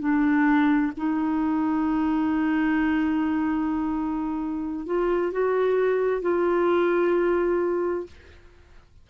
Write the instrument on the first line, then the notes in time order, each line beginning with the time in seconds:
clarinet
0.00 D4
0.97 D#4
4.86 F4
5.32 F#4
6.22 F4